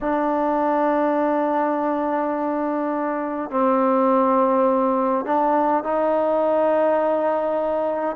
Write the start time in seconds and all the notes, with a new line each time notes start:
0.01 D4
3.50 C4
5.25 D4
5.83 D#4